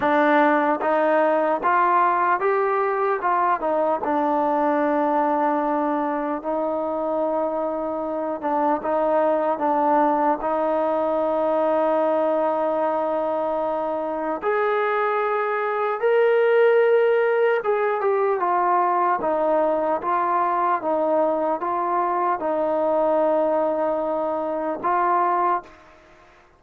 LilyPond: \new Staff \with { instrumentName = "trombone" } { \time 4/4 \tempo 4 = 75 d'4 dis'4 f'4 g'4 | f'8 dis'8 d'2. | dis'2~ dis'8 d'8 dis'4 | d'4 dis'2.~ |
dis'2 gis'2 | ais'2 gis'8 g'8 f'4 | dis'4 f'4 dis'4 f'4 | dis'2. f'4 | }